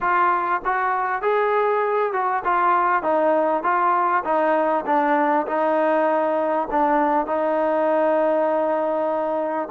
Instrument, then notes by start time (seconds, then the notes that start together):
trombone
0.01 F4
0.64 F#4
1.21 G#4
2.12 F#4
2.44 F4
3.02 D#4
3.63 F4
4.24 D#4
4.85 D4
5.46 D#4
6.71 D4
7.26 D#4